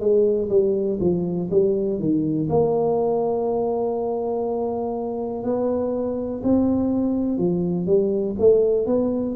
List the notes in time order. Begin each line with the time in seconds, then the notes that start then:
0.00 G#3
0.50 G3
1.01 F3
1.51 G3
1.99 D#3
2.50 A#3
5.44 B3
6.44 C4
7.38 F3
7.86 G3
8.40 A3
8.87 B3